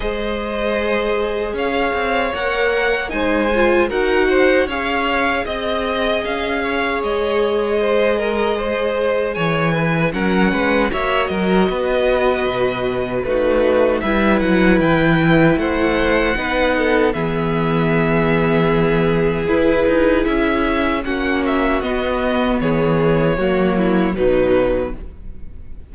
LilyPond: <<
  \new Staff \with { instrumentName = "violin" } { \time 4/4 \tempo 4 = 77 dis''2 f''4 fis''4 | gis''4 fis''4 f''4 dis''4 | f''4 dis''2. | gis''4 fis''4 e''8 dis''4.~ |
dis''4 b'4 e''8 fis''8 g''4 | fis''2 e''2~ | e''4 b'4 e''4 fis''8 e''8 | dis''4 cis''2 b'4 | }
  \new Staff \with { instrumentName = "violin" } { \time 4/4 c''2 cis''2 | c''4 ais'8 c''8 cis''4 dis''4~ | dis''8 cis''4. c''8 ais'8 c''4 | cis''8 b'8 ais'8 b'8 cis''8 ais'8 b'4~ |
b'4 fis'4 b'2 | c''4 b'8 a'8 gis'2~ | gis'2. fis'4~ | fis'4 gis'4 fis'8 e'8 dis'4 | }
  \new Staff \with { instrumentName = "viola" } { \time 4/4 gis'2. ais'4 | dis'8 f'8 fis'4 gis'2~ | gis'1~ | gis'4 cis'4 fis'2~ |
fis'4 dis'4 e'2~ | e'4 dis'4 b2~ | b4 e'2 cis'4 | b2 ais4 fis4 | }
  \new Staff \with { instrumentName = "cello" } { \time 4/4 gis2 cis'8 c'8 ais4 | gis4 dis'4 cis'4 c'4 | cis'4 gis2. | e4 fis8 gis8 ais8 fis8 b4 |
b,4 a4 g8 fis8 e4 | a4 b4 e2~ | e4 e'8 dis'8 cis'4 ais4 | b4 e4 fis4 b,4 | }
>>